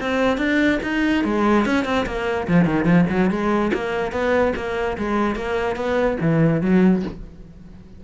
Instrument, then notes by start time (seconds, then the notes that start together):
cello
0.00 C4
0.37 D4
0.83 D#4
1.24 G#3
1.65 C#4
1.85 C4
2.06 A#3
2.47 F3
2.65 D#3
2.84 F3
3.09 F#3
3.30 G#3
3.73 A#3
4.12 B3
4.56 A#3
4.97 G#3
5.35 A#3
5.76 B3
6.21 E3
6.61 F#3